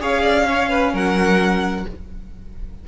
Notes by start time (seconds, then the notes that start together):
0.00 C#4 G#4 C#5 F5
0.22 D5
0.46 C#4 C#5
0.70 B4
0.93 F#3 A#4 F#5